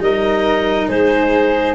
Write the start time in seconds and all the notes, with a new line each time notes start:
0.00 G3 D#4 A#4 D#5
0.89 G#3 G#4 C5